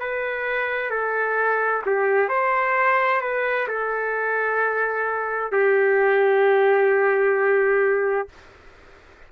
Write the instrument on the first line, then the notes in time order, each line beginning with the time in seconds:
trumpet
0.00 B4
0.90 A4
1.86 G4
2.29 C5
3.21 B4
3.68 A4
5.52 G4